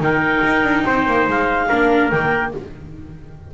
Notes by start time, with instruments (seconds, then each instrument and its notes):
0.00 double bass D#3, viola D#4, trumpet A#4, clarinet G5
0.45 double bass D#4
0.63 double bass D4
0.85 double bass C4, trumpet C5
1.07 double bass A#3
1.28 double bass G#3, clarinet F5
1.68 double bass A#3, viola D4, trumpet A#4
2.10 double bass D#3, viola A#3, clarinet G5